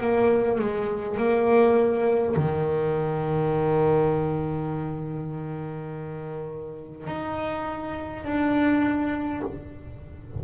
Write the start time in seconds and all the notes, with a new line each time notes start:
0.00 A#3
0.58 G#3
1.17 A#3
2.36 D#3
7.06 D#4
8.24 D4